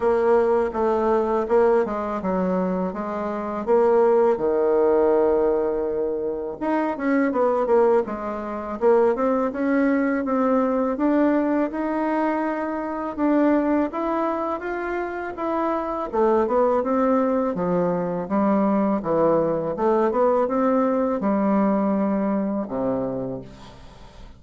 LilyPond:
\new Staff \with { instrumentName = "bassoon" } { \time 4/4 \tempo 4 = 82 ais4 a4 ais8 gis8 fis4 | gis4 ais4 dis2~ | dis4 dis'8 cis'8 b8 ais8 gis4 | ais8 c'8 cis'4 c'4 d'4 |
dis'2 d'4 e'4 | f'4 e'4 a8 b8 c'4 | f4 g4 e4 a8 b8 | c'4 g2 c4 | }